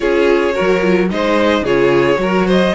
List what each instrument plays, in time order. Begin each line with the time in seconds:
0.00 cello C#4, viola F4, violin G#4 C#5
0.53 viola F#4, violin A#4
0.59 cello F#3
0.81 viola F4
1.10 cello G#3, viola D#4, violin C5 D#5
1.61 cello C#3, viola F4, violin G#4 C#5
2.16 cello F#3, viola F#4, violin A#4
2.47 violin C5 D#5